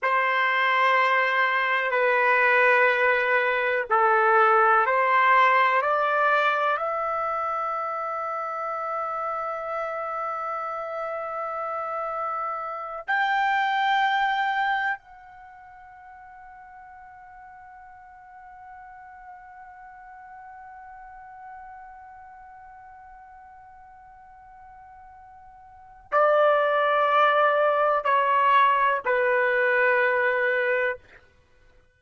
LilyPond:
\new Staff \with { instrumentName = "trumpet" } { \time 4/4 \tempo 4 = 62 c''2 b'2 | a'4 c''4 d''4 e''4~ | e''1~ | e''4. g''2 fis''8~ |
fis''1~ | fis''1~ | fis''2. d''4~ | d''4 cis''4 b'2 | }